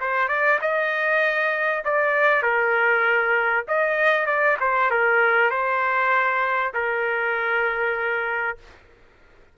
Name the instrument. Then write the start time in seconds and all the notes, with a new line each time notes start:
trumpet
0.00 C5
0.28 D5
0.62 D#5
1.85 D5
2.42 A#4
3.68 D#5
4.26 D5
4.60 C5
4.91 A#4
5.50 C5
6.74 A#4